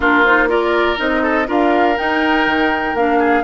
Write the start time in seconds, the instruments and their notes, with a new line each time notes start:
0.00 bassoon A#3, clarinet D4, oboe F4, flute A#4
0.24 clarinet D#4, flute C5
0.48 clarinet F4, oboe A#4, flute D5
0.96 bassoon C4, clarinet D#4, flute D#5
1.22 oboe A4
1.46 bassoon D4, clarinet F4, oboe A#4, flute F5
1.97 clarinet D#4, bassoon D#4, flute G5
2.46 bassoon D#3
2.94 bassoon A#3, clarinet D4, flute F5
3.18 oboe G#4